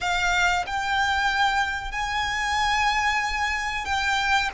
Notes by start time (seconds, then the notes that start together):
0.00 F5
0.66 G5
1.91 G#5
3.85 G5